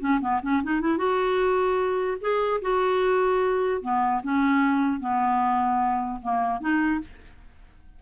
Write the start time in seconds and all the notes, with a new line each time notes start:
0.00 C#4
0.21 B3
0.43 C#4
0.63 D#4
0.81 E4
0.98 F#4
2.21 G#4
2.62 F#4
3.82 B3
4.23 C#4
5.00 B3
6.22 A#3
6.61 D#4